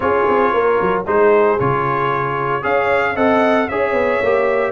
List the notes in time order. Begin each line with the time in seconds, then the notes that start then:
0.00 C#4 F4 G#4 C#5
0.28 C4
0.53 A#3 A#4
0.81 F#3
1.05 G#3 D#4 G#4 C5
1.59 C#3 F4 C#5
2.61 C#4 G#4 C#5 F5
3.14 C4 A4 D#5 F#5
3.68 C#4 G#4 C#5 E5
3.92 B3
4.22 A#3 G4